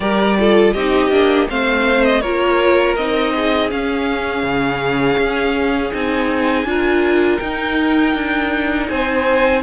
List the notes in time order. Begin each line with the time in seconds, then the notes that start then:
0.00 G3 G4 A#4 D5
0.38 F4 A4
0.73 C4 D#4 G4 D#5
1.10 A#3 D4
1.48 A3 C4 C5 F5
2.04 D#5
2.20 A#3 F4 A#4 C#5
2.96 C4 D#4 D#5
3.35 G#4
3.70 C#4 F5
4.43 C#3
5.17 C#4
5.92 C4 D#4 G#5
6.64 D4 F4 A#4
7.38 D#4 G5
8.14 D4
8.88 C4 C5 G#5